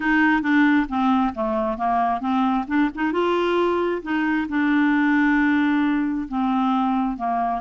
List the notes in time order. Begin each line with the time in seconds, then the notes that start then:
0.00 D#4
0.42 D4
0.88 C4
1.34 A3
1.77 A#3
2.20 C4
2.67 D4
2.95 D#4
3.12 F4
4.02 D#4
4.48 D4
6.28 C4
7.17 A#3